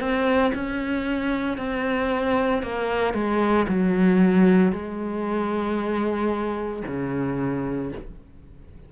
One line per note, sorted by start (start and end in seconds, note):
0.00 0.53 C4
0.54 1.58 C#4
1.58 2.63 C4
2.63 3.14 A#3
3.14 3.67 G#3
3.68 4.72 F#3
4.72 6.83 G#3
6.87 7.92 C#3